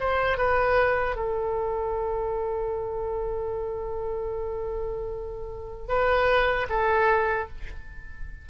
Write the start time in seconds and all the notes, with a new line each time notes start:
0.00 C5
0.38 B4
1.16 A4
5.88 B4
6.70 A4